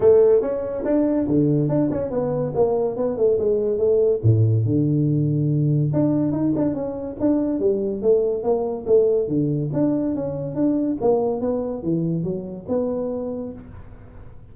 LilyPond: \new Staff \with { instrumentName = "tuba" } { \time 4/4 \tempo 4 = 142 a4 cis'4 d'4 d4 | d'8 cis'8 b4 ais4 b8 a8 | gis4 a4 a,4 d4~ | d2 d'4 dis'8 d'8 |
cis'4 d'4 g4 a4 | ais4 a4 d4 d'4 | cis'4 d'4 ais4 b4 | e4 fis4 b2 | }